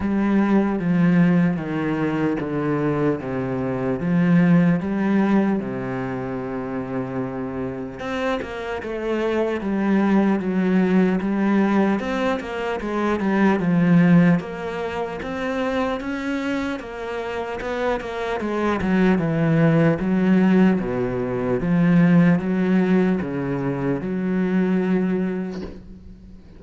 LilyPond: \new Staff \with { instrumentName = "cello" } { \time 4/4 \tempo 4 = 75 g4 f4 dis4 d4 | c4 f4 g4 c4~ | c2 c'8 ais8 a4 | g4 fis4 g4 c'8 ais8 |
gis8 g8 f4 ais4 c'4 | cis'4 ais4 b8 ais8 gis8 fis8 | e4 fis4 b,4 f4 | fis4 cis4 fis2 | }